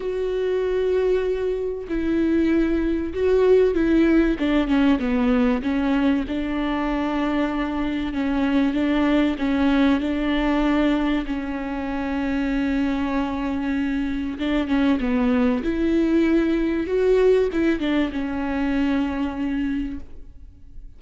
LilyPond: \new Staff \with { instrumentName = "viola" } { \time 4/4 \tempo 4 = 96 fis'2. e'4~ | e'4 fis'4 e'4 d'8 cis'8 | b4 cis'4 d'2~ | d'4 cis'4 d'4 cis'4 |
d'2 cis'2~ | cis'2. d'8 cis'8 | b4 e'2 fis'4 | e'8 d'8 cis'2. | }